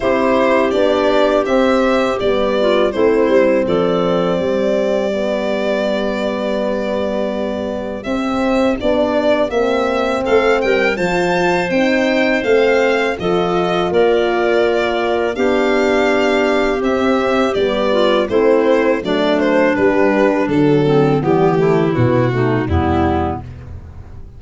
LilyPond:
<<
  \new Staff \with { instrumentName = "violin" } { \time 4/4 \tempo 4 = 82 c''4 d''4 e''4 d''4 | c''4 d''2.~ | d''2. e''4 | d''4 e''4 f''8 g''8 a''4 |
g''4 f''4 dis''4 d''4~ | d''4 f''2 e''4 | d''4 c''4 d''8 c''8 b'4 | a'4 g'4 fis'4 e'4 | }
  \new Staff \with { instrumentName = "clarinet" } { \time 4/4 g'2.~ g'8 f'8 | e'4 a'4 g'2~ | g'1~ | g'2 a'8 ais'8 c''4~ |
c''2 a'4 ais'4~ | ais'4 g'2.~ | g'8 f'8 e'4 d'2~ | d'8 c'8 b8 e'4 dis'8 b4 | }
  \new Staff \with { instrumentName = "horn" } { \time 4/4 e'4 d'4 c'4 b4 | c'2. b4~ | b2. c'4 | d'4 c'2 f'4 |
dis'4 c'4 f'2~ | f'4 d'2 c'4 | b4 c'4 a4 g4 | fis4 g8 a8 b8 a8 g4 | }
  \new Staff \with { instrumentName = "tuba" } { \time 4/4 c'4 b4 c'4 g4 | a8 g8 f4 g2~ | g2. c'4 | b4 ais4 a8 g8 f4 |
c'4 a4 f4 ais4~ | ais4 b2 c'4 | g4 a4 fis4 g4 | d4 e4 b,4 e,4 | }
>>